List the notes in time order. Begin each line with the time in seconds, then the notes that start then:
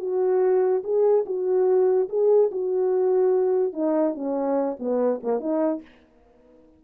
0.00 F#4
0.84 G#4
1.26 F#4
2.09 G#4
2.51 F#4
3.73 D#4
4.15 C#4
4.79 B3
5.23 A#3
5.40 D#4